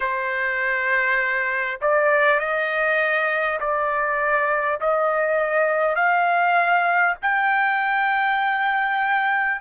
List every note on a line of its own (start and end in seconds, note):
0.00 1.80 C5
1.81 2.39 D5
2.39 3.59 D#5
3.59 4.79 D5
4.80 5.95 D#5
5.95 7.15 F5
7.22 9.61 G5